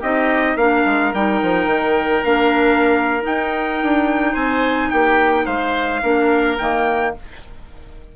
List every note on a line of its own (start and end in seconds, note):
0.00 0.55 C4
0.00 0.58 D#4
0.00 0.56 G4
0.00 0.57 D#5
0.55 0.83 A#3
0.55 1.14 D4
0.55 4.32 A#4
0.55 1.13 F5
0.85 1.13 G#3
1.13 1.41 G3
1.13 2.23 D#4
1.13 2.24 G5
1.42 1.66 F3
1.66 2.22 D#3
2.23 3.23 A#3
2.23 3.20 D4
2.23 3.22 F5
3.20 6.01 D#4
3.20 4.34 G5
3.27 3.82 D#4
3.82 4.35 D4
4.32 4.91 C4
4.32 4.88 C5
4.32 4.90 G#5
4.90 5.46 A#3
4.90 5.45 G4
4.90 5.45 G5
5.45 6.02 G#3
5.45 6.01 C5
5.45 6.58 F5
6.02 6.59 A#3
6.02 6.58 D4
6.02 7.14 A#4
6.58 7.15 D#3
6.58 7.15 A#3
6.58 7.14 G5